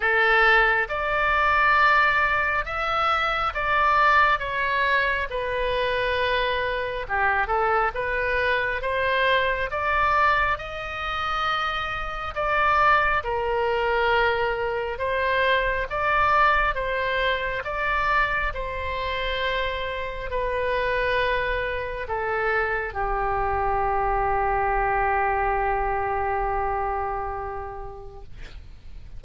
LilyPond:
\new Staff \with { instrumentName = "oboe" } { \time 4/4 \tempo 4 = 68 a'4 d''2 e''4 | d''4 cis''4 b'2 | g'8 a'8 b'4 c''4 d''4 | dis''2 d''4 ais'4~ |
ais'4 c''4 d''4 c''4 | d''4 c''2 b'4~ | b'4 a'4 g'2~ | g'1 | }